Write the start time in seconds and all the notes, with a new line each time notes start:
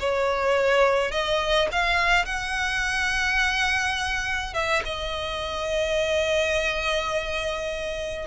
0.00 C#5
1.11 D#5
1.72 F5
2.25 F#5
4.54 E5
4.85 D#5